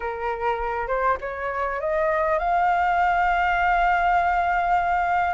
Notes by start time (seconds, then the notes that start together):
0.00 A#4
0.87 C5
1.20 C#5
1.80 D#5
2.38 F5